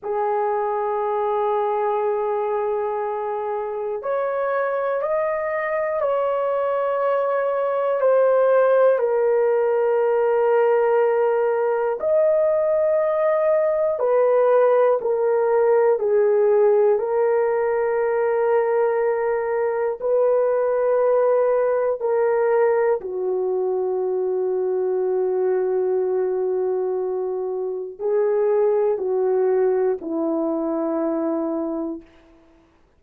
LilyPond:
\new Staff \with { instrumentName = "horn" } { \time 4/4 \tempo 4 = 60 gis'1 | cis''4 dis''4 cis''2 | c''4 ais'2. | dis''2 b'4 ais'4 |
gis'4 ais'2. | b'2 ais'4 fis'4~ | fis'1 | gis'4 fis'4 e'2 | }